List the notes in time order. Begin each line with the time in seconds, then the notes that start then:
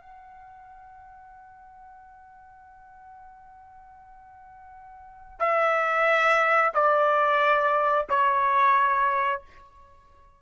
0.00 F#5
5.39 E5
6.74 D5
8.09 C#5